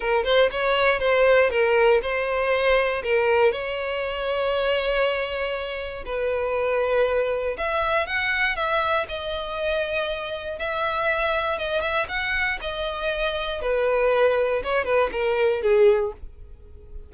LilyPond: \new Staff \with { instrumentName = "violin" } { \time 4/4 \tempo 4 = 119 ais'8 c''8 cis''4 c''4 ais'4 | c''2 ais'4 cis''4~ | cis''1 | b'2. e''4 |
fis''4 e''4 dis''2~ | dis''4 e''2 dis''8 e''8 | fis''4 dis''2 b'4~ | b'4 cis''8 b'8 ais'4 gis'4 | }